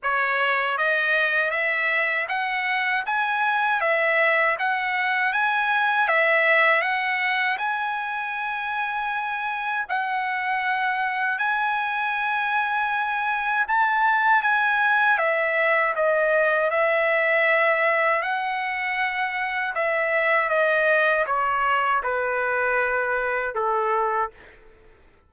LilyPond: \new Staff \with { instrumentName = "trumpet" } { \time 4/4 \tempo 4 = 79 cis''4 dis''4 e''4 fis''4 | gis''4 e''4 fis''4 gis''4 | e''4 fis''4 gis''2~ | gis''4 fis''2 gis''4~ |
gis''2 a''4 gis''4 | e''4 dis''4 e''2 | fis''2 e''4 dis''4 | cis''4 b'2 a'4 | }